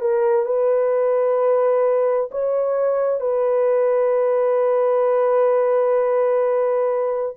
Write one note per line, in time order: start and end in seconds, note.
0.00 0.45 A#4
0.45 2.30 B4
2.31 3.20 C#5
3.20 7.35 B4